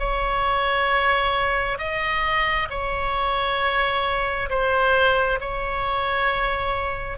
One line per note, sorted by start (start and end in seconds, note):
0.00 1.79 C#5
1.79 2.69 D#5
2.71 4.50 C#5
4.50 5.40 C5
5.41 7.18 C#5